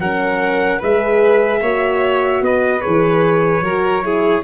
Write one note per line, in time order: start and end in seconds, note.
0.00 0.81 F#3
0.00 0.83 C#4
0.00 0.79 A#4
0.00 0.81 F#5
0.79 1.62 G#3
0.79 1.64 G#4
0.79 1.60 B4
0.79 2.45 E5
1.62 2.42 A#3
1.62 2.81 F#4
1.62 2.43 C#5
2.42 2.82 B3
2.42 3.64 B4
2.42 2.82 D#5
2.81 3.61 E3
2.81 3.62 G#4
2.81 4.44 C#5
3.61 4.42 F#3
3.61 4.04 F#4
3.61 4.04 A#4
4.04 4.44 E4
4.04 4.45 G#4